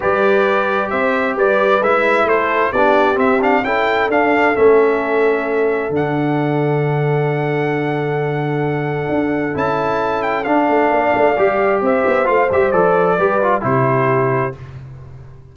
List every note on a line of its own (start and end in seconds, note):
0.00 0.91 G3
0.00 1.82 G4
0.00 0.90 B4
0.00 0.90 D5
0.90 1.36 C4
0.90 1.35 C5
0.90 1.35 E5
1.36 1.80 G3
1.36 2.27 B4
1.36 1.83 D5
1.80 2.24 G#3
1.80 2.74 E4
1.80 2.28 E5
2.24 2.70 A3
2.24 2.71 A4
2.24 2.72 C5
2.71 3.17 B3
2.71 3.15 D4
2.71 3.62 G4
2.71 3.18 D5
3.15 3.37 C4
3.15 3.63 C4
3.15 3.41 E5
3.41 3.64 D4
3.41 3.64 F5
3.63 4.08 C#4
3.63 4.10 E4
3.63 10.92 A4
3.63 4.09 G5
4.08 4.54 D4
4.08 4.56 F5
4.54 5.89 A3
4.54 5.90 C#4
4.54 5.92 E5
5.89 9.07 D3
5.89 9.54 D4
5.89 9.57 F#5
9.08 9.54 D4
9.54 10.46 C#4
9.54 10.45 E4
9.54 10.22 A5
10.22 10.44 G5
10.44 11.36 D4
10.44 10.69 D4
10.44 11.80 F5
10.69 10.91 A3
10.91 11.13 A#3
10.91 11.83 D5
11.14 11.37 A3
11.37 11.81 G3
11.37 12.24 G4
11.81 12.04 C4
11.81 13.17 C5
11.81 12.27 E5
12.06 12.28 B3
12.24 12.51 A3
12.24 12.47 F4
12.24 12.49 F5
12.51 12.72 G3
12.51 12.72 G4
12.51 12.71 E5
12.71 13.18 F3
12.71 13.18 A4
12.71 13.62 D5
13.17 13.63 G3
13.17 13.41 G4
13.17 13.63 B4
13.42 13.61 F4
13.61 14.54 C3
13.61 14.52 E4
13.61 14.56 G4
13.61 14.55 C5